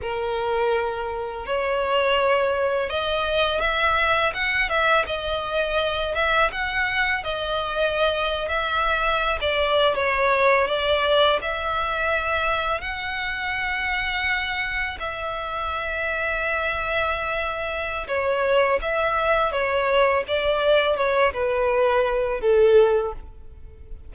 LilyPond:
\new Staff \with { instrumentName = "violin" } { \time 4/4 \tempo 4 = 83 ais'2 cis''2 | dis''4 e''4 fis''8 e''8 dis''4~ | dis''8 e''8 fis''4 dis''4.~ dis''16 e''16~ | e''4 d''8. cis''4 d''4 e''16~ |
e''4.~ e''16 fis''2~ fis''16~ | fis''8. e''2.~ e''16~ | e''4 cis''4 e''4 cis''4 | d''4 cis''8 b'4. a'4 | }